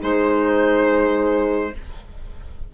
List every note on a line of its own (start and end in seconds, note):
0.00 1.74 G#3
0.00 1.71 D#4
0.00 1.72 G#4
0.00 1.75 C5